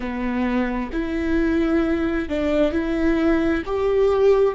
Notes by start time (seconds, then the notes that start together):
0.00 B3
0.92 E4
2.29 D4
2.72 E4
3.65 G4